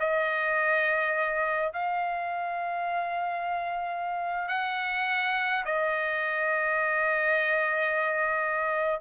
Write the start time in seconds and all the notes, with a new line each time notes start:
0.00 D#5
1.73 F5
4.48 F#5
5.66 D#5